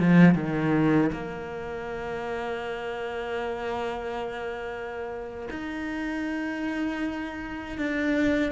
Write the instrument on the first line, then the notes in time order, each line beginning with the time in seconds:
cello
0.00 F3
0.35 D#3
1.12 A#3
5.50 D#4
7.78 D4